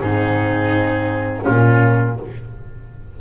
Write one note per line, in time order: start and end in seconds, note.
0.00 1.46 G#2
0.00 1.45 C4
0.00 1.42 D#4
0.00 1.44 G#4
1.42 2.20 A#2
1.42 2.15 C#4
1.42 2.16 F4
1.48 2.21 A#3